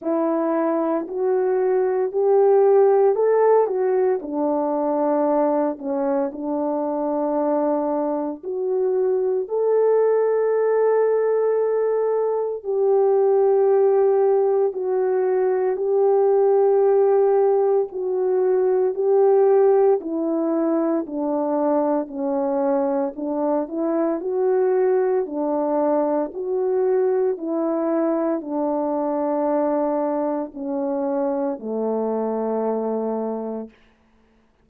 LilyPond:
\new Staff \with { instrumentName = "horn" } { \time 4/4 \tempo 4 = 57 e'4 fis'4 g'4 a'8 fis'8 | d'4. cis'8 d'2 | fis'4 a'2. | g'2 fis'4 g'4~ |
g'4 fis'4 g'4 e'4 | d'4 cis'4 d'8 e'8 fis'4 | d'4 fis'4 e'4 d'4~ | d'4 cis'4 a2 | }